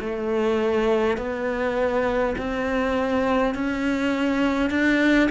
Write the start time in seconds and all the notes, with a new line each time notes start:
0.00 A3
1.18 B3
2.38 C4
3.55 C#4
4.71 D4